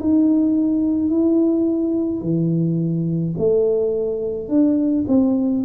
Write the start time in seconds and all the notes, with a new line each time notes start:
0.00 D#4
1.09 E4
2.21 E3
3.38 A3
4.48 D4
5.08 C4